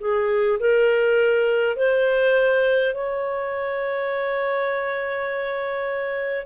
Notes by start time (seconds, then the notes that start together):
0.00 G#4
0.59 A#4
1.76 C5
2.94 C#5